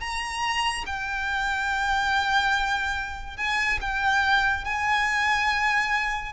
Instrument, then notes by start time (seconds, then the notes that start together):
violin
0.00 A#5
0.86 G5
3.37 G#5
3.81 G5
4.64 G#5